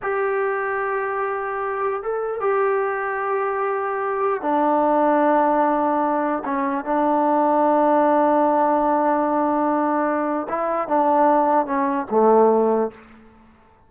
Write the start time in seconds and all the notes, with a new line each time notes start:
0.02 G4
2.02 A4
2.40 G4
4.41 D4
6.44 C#4
6.84 D4
10.48 E4
10.87 D4
11.66 C#4
12.10 A3